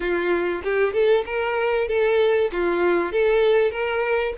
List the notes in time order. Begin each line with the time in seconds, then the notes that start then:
0.00 F4
0.63 G4
0.93 A4
1.25 A#4
1.88 A4
2.52 F4
3.12 A4
3.71 A#4